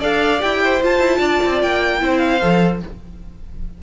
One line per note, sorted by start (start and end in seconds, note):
0.00 0.42 D4
0.00 0.40 A4
0.00 0.60 D5
0.00 0.42 F5
0.40 0.83 E4
0.40 0.80 G4
0.40 0.82 G5
0.64 1.19 C5
0.82 1.99 F4
0.82 0.99 F4
0.82 1.62 A5
0.99 1.19 E4
1.19 1.40 D4
1.19 1.99 D5
1.46 1.63 C4
1.62 2.02 A#3
1.62 2.18 G5
1.99 2.42 C4
1.99 2.39 E4
1.99 2.82 C5
2.18 2.78 F5
2.42 2.83 F3
2.42 2.82 A4